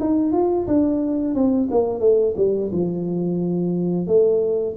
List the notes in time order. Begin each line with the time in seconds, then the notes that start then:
0.00 D#4
0.32 F4
0.67 D4
1.35 C4
1.71 A#3
2.00 A3
2.37 G3
2.72 F3
4.07 A3